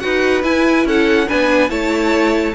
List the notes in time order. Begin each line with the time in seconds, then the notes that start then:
0.00 D#4 F#4 B4 F#5
0.43 E4 G#5
0.85 C#4 A4 F#5
1.27 B3 D4 B4 G#5
1.69 A3 E4 C#5 A5